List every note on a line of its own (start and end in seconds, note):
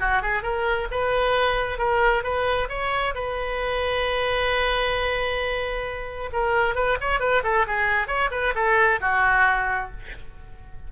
0.00 0.22 F#4
0.22 0.43 G#4
0.43 0.88 A#4
0.91 1.78 B4
1.78 2.24 A#4
2.24 2.69 B4
2.69 3.15 C#5
3.15 6.31 B4
6.33 6.75 A#4
6.75 6.98 B4
7.01 7.20 C#5
7.20 7.43 B4
7.44 7.66 A4
7.67 8.08 G#4
8.08 8.30 C#5
8.31 8.54 B4
8.55 9.00 A4
9.01 9.91 F#4